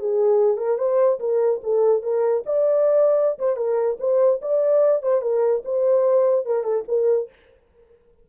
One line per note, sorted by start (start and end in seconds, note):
0.00 0.58 G#4
0.58 0.78 A#4
0.79 1.20 C5
1.20 1.61 A#4
1.64 2.03 A4
2.03 2.44 A#4
2.47 3.39 D5
3.39 3.57 C5
3.57 3.98 A#4
4.00 4.41 C5
4.42 5.03 D5
5.03 5.22 C5
5.22 5.63 A#4
5.65 6.46 C5
6.46 6.64 A#4
6.64 6.85 A4
6.89 7.30 A#4